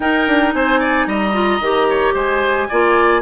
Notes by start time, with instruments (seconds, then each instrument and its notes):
0.00 bassoon D#4, clarinet D#4, oboe A#4, flute G5
0.27 bassoon D4
0.53 bassoon C4, oboe C5, flute G#5
0.79 oboe D5
1.06 bassoon G3, oboe D#5, flute A#5
1.32 clarinet F4
1.60 bassoon D#3, clarinet G4
1.89 oboe C#5
2.14 bassoon G#3, oboe C5, flute G#5
2.68 bassoon A#3, clarinet F4, oboe D5